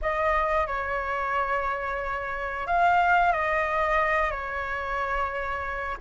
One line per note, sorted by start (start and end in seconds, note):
0.01 0.66 D#5
0.66 2.66 C#5
2.67 3.32 F5
3.32 4.30 D#5
4.30 5.97 C#5